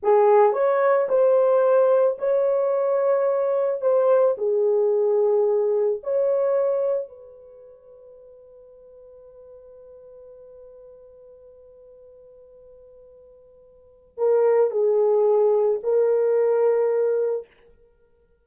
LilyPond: \new Staff \with { instrumentName = "horn" } { \time 4/4 \tempo 4 = 110 gis'4 cis''4 c''2 | cis''2. c''4 | gis'2. cis''4~ | cis''4 b'2.~ |
b'1~ | b'1~ | b'2 ais'4 gis'4~ | gis'4 ais'2. | }